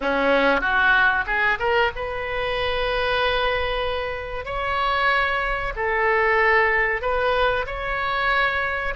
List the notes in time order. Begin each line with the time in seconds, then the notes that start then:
0.00 C#4
0.61 F#4
1.26 G#4
1.59 A#4
1.95 B4
4.45 C#5
5.76 A4
7.01 B4
7.66 C#5